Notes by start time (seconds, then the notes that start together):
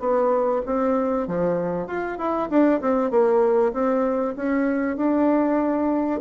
0.00 B3
0.66 C4
1.28 F3
1.88 F4
2.18 E4
2.50 D4
2.81 C4
3.11 A#3
3.73 C4
4.37 C#4
4.97 D4